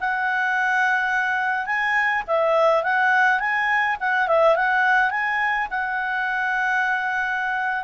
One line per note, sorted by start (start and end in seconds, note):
0.00 1.66 F#5
1.66 2.23 G#5
2.28 2.83 E5
2.83 3.39 F#5
3.39 3.97 G#5
4.00 4.28 F#5
4.28 4.56 E5
4.56 5.11 F#5
5.11 5.68 G#5
5.70 7.84 F#5